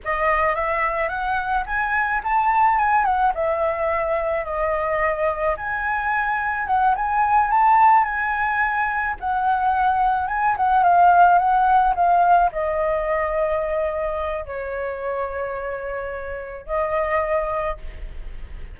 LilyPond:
\new Staff \with { instrumentName = "flute" } { \time 4/4 \tempo 4 = 108 dis''4 e''4 fis''4 gis''4 | a''4 gis''8 fis''8 e''2 | dis''2 gis''2 | fis''8 gis''4 a''4 gis''4.~ |
gis''8 fis''2 gis''8 fis''8 f''8~ | f''8 fis''4 f''4 dis''4.~ | dis''2 cis''2~ | cis''2 dis''2 | }